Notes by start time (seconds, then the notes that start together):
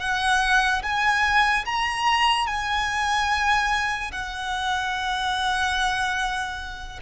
0.00 F#5
0.83 G#5
1.66 A#5
2.47 G#5
4.12 F#5